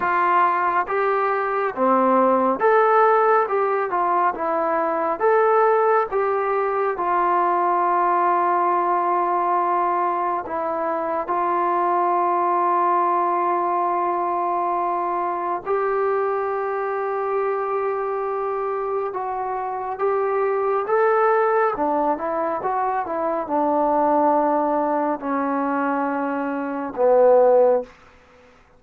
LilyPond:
\new Staff \with { instrumentName = "trombone" } { \time 4/4 \tempo 4 = 69 f'4 g'4 c'4 a'4 | g'8 f'8 e'4 a'4 g'4 | f'1 | e'4 f'2.~ |
f'2 g'2~ | g'2 fis'4 g'4 | a'4 d'8 e'8 fis'8 e'8 d'4~ | d'4 cis'2 b4 | }